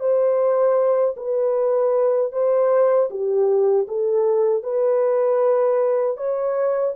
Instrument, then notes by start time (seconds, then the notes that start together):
horn
0.00 C5
1.17 B4
2.33 C5
3.10 G4
3.88 A4
4.64 B4
6.17 C#5